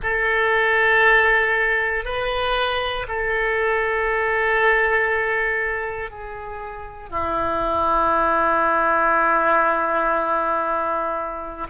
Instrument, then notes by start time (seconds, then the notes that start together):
oboe
0.02 A4
2.04 B4
3.07 A4
6.10 G#4
7.09 E4